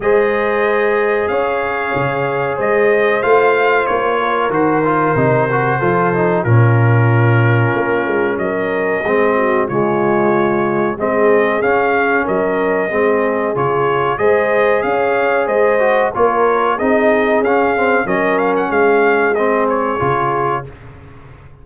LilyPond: <<
  \new Staff \with { instrumentName = "trumpet" } { \time 4/4 \tempo 4 = 93 dis''2 f''2 | dis''4 f''4 cis''4 c''4~ | c''2 ais'2~ | ais'4 dis''2 cis''4~ |
cis''4 dis''4 f''4 dis''4~ | dis''4 cis''4 dis''4 f''4 | dis''4 cis''4 dis''4 f''4 | dis''8 f''16 fis''16 f''4 dis''8 cis''4. | }
  \new Staff \with { instrumentName = "horn" } { \time 4/4 c''2 cis''2 | c''2~ c''8 ais'4.~ | ais'4 a'4 f'2~ | f'4 ais'4 gis'8 fis'8 f'4~ |
f'4 gis'2 ais'4 | gis'2 c''4 cis''4 | c''4 ais'4 gis'2 | ais'4 gis'2. | }
  \new Staff \with { instrumentName = "trombone" } { \time 4/4 gis'1~ | gis'4 f'2 fis'8 f'8 | dis'8 fis'8 f'8 dis'8 cis'2~ | cis'2 c'4 gis4~ |
gis4 c'4 cis'2 | c'4 f'4 gis'2~ | gis'8 fis'8 f'4 dis'4 cis'8 c'8 | cis'2 c'4 f'4 | }
  \new Staff \with { instrumentName = "tuba" } { \time 4/4 gis2 cis'4 cis4 | gis4 a4 ais4 dis4 | c4 f4 ais,2 | ais8 gis8 fis4 gis4 cis4~ |
cis4 gis4 cis'4 fis4 | gis4 cis4 gis4 cis'4 | gis4 ais4 c'4 cis'4 | fis4 gis2 cis4 | }
>>